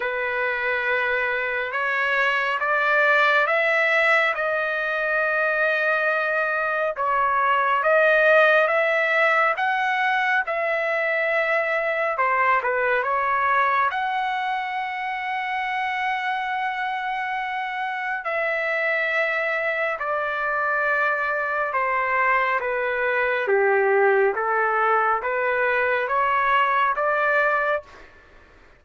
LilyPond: \new Staff \with { instrumentName = "trumpet" } { \time 4/4 \tempo 4 = 69 b'2 cis''4 d''4 | e''4 dis''2. | cis''4 dis''4 e''4 fis''4 | e''2 c''8 b'8 cis''4 |
fis''1~ | fis''4 e''2 d''4~ | d''4 c''4 b'4 g'4 | a'4 b'4 cis''4 d''4 | }